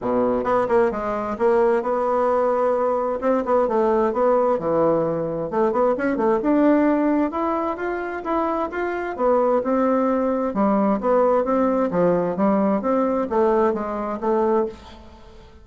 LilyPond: \new Staff \with { instrumentName = "bassoon" } { \time 4/4 \tempo 4 = 131 b,4 b8 ais8 gis4 ais4 | b2. c'8 b8 | a4 b4 e2 | a8 b8 cis'8 a8 d'2 |
e'4 f'4 e'4 f'4 | b4 c'2 g4 | b4 c'4 f4 g4 | c'4 a4 gis4 a4 | }